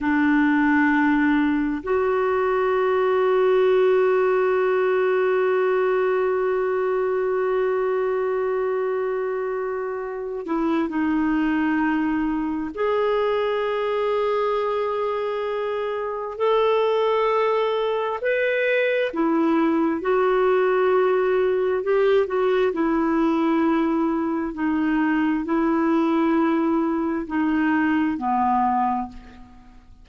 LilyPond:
\new Staff \with { instrumentName = "clarinet" } { \time 4/4 \tempo 4 = 66 d'2 fis'2~ | fis'1~ | fis'2.~ fis'8 e'8 | dis'2 gis'2~ |
gis'2 a'2 | b'4 e'4 fis'2 | g'8 fis'8 e'2 dis'4 | e'2 dis'4 b4 | }